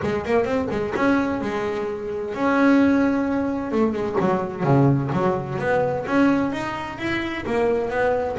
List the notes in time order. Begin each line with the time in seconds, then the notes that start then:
0.02 G#3
0.25 A#3
0.44 C4
0.70 G#3
0.95 C#4
1.41 G#3
2.34 C#4
3.71 A3
3.92 G#3
4.20 F#3
4.63 C#3
5.12 F#3
5.58 B3
6.06 C#4
6.52 D#4
6.98 E4
7.45 A#3
7.90 B3